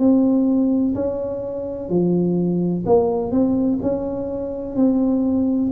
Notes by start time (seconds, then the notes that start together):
0.00 C4
0.96 C#4
1.90 F3
2.87 A#3
3.32 C4
3.82 C#4
4.77 C4